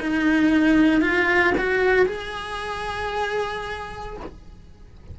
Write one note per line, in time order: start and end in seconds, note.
0.00 1.01 D#4
1.01 1.54 F4
1.58 2.06 F#4
2.06 4.17 G#4